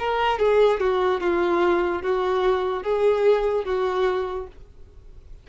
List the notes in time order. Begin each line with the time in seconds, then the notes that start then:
0.00 A#4
0.40 G#4
0.80 F#4
1.21 F4
2.03 F#4
2.84 G#4
3.65 F#4